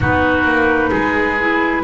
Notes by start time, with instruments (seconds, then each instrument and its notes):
0.00 double bass B3, clarinet D#4, oboe F#4, flute B4
0.44 double bass A#3
0.90 double bass G#3, oboe G#4
1.40 clarinet E4